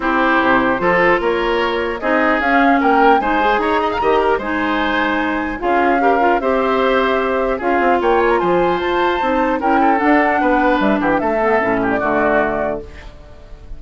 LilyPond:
<<
  \new Staff \with { instrumentName = "flute" } { \time 4/4 \tempo 4 = 150 c''2. cis''4~ | cis''4 dis''4 f''4 g''4 | gis''4 ais''2 gis''4~ | gis''2 f''2 |
e''2. f''4 | g''8 gis''16 ais''16 gis''4 a''2 | g''4 fis''2 e''8 fis''16 g''16 | e''4.~ e''16 d''2~ d''16 | }
  \new Staff \with { instrumentName = "oboe" } { \time 4/4 g'2 a'4 ais'4~ | ais'4 gis'2 ais'4 | c''4 cis''8 dis''16 f''16 dis''8 ais'8 c''4~ | c''2 gis'4 ais'4 |
c''2. gis'4 | cis''4 c''2. | ais'8 a'4. b'4. g'8 | a'4. g'8 fis'2 | }
  \new Staff \with { instrumentName = "clarinet" } { \time 4/4 e'2 f'2~ | f'4 dis'4 cis'2 | dis'8 gis'4. g'4 dis'4~ | dis'2 f'4 g'8 f'8 |
g'2. f'4~ | f'2. dis'4 | e'4 d'2.~ | d'8 b8 cis'4 a2 | }
  \new Staff \with { instrumentName = "bassoon" } { \time 4/4 c'4 c4 f4 ais4~ | ais4 c'4 cis'4 ais4 | gis4 dis'4 dis4 gis4~ | gis2 cis'2 |
c'2. cis'8 c'8 | ais4 f4 f'4 c'4 | cis'4 d'4 b4 g8 e8 | a4 a,4 d2 | }
>>